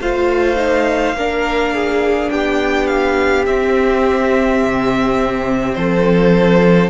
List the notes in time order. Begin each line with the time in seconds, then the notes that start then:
0.00 A3 F4 C5 F5
0.56 D#4
1.13 A#3 D4 A#4
1.74 G#4
2.30 B3 G4 G5
2.87 F5
3.46 C4 E5
4.63 C3
5.74 F3 A4 C5